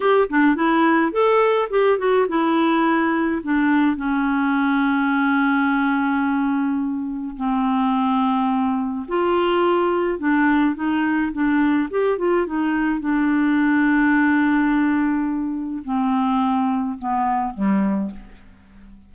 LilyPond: \new Staff \with { instrumentName = "clarinet" } { \time 4/4 \tempo 4 = 106 g'8 d'8 e'4 a'4 g'8 fis'8 | e'2 d'4 cis'4~ | cis'1~ | cis'4 c'2. |
f'2 d'4 dis'4 | d'4 g'8 f'8 dis'4 d'4~ | d'1 | c'2 b4 g4 | }